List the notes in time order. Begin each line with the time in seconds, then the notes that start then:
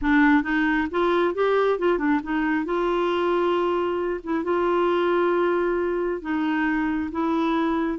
0.01 D4
0.43 D#4
0.91 F4
1.34 G4
1.78 F4
1.98 D4
2.23 D#4
2.65 F4
4.23 E4
4.44 F4
6.21 D#4
7.11 E4